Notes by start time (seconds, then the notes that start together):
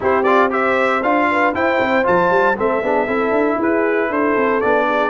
0.00 C4 E4 G4 C5
0.23 F4 D5
0.50 G4 C5 E5
1.02 D4 F4 F5
1.31 B4
1.54 E4 C5 G5
1.80 C4
2.03 F3 F4 A5
2.30 G3
2.56 A3 C4 A4 E5
2.82 B3 D4 G#4
3.05 C4 E4 A4
3.30 D4
3.57 E4 G#4 B4
4.09 D4 A4 C5
4.36 C4
4.60 B3 D4 D5
4.87 G#4